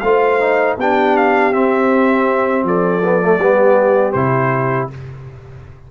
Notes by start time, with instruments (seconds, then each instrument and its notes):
0.00 tuba A3, trombone F4, horn C5, trumpet F5
0.40 trombone D#4
0.77 tuba B3, trombone D4, horn G4, trumpet G5
1.17 trumpet F5
1.52 tuba C4, trombone C4, trumpet E5
2.63 tuba F3, horn A4, trumpet D5
3.04 trombone B3
3.21 trombone A3
3.39 tuba G3, trombone B3, horn G4
4.12 tuba C3, trombone E4, trumpet C5